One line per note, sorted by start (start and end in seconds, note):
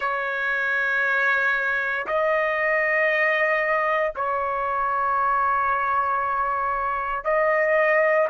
0.00 2.06 C#5
2.06 4.13 D#5
4.15 7.24 C#5
7.24 8.28 D#5